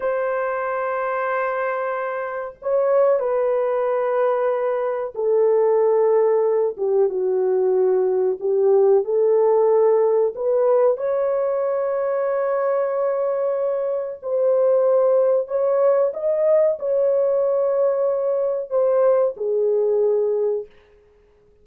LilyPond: \new Staff \with { instrumentName = "horn" } { \time 4/4 \tempo 4 = 93 c''1 | cis''4 b'2. | a'2~ a'8 g'8 fis'4~ | fis'4 g'4 a'2 |
b'4 cis''2.~ | cis''2 c''2 | cis''4 dis''4 cis''2~ | cis''4 c''4 gis'2 | }